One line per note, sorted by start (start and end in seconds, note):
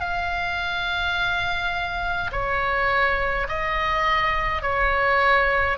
0.00 2.31 F5
2.32 3.48 C#5
3.49 4.62 D#5
4.62 5.77 C#5